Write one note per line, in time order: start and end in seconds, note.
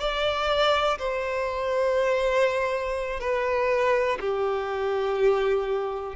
0.00 0.98 D5
0.99 3.20 C5
3.20 4.18 B4
4.20 6.16 G4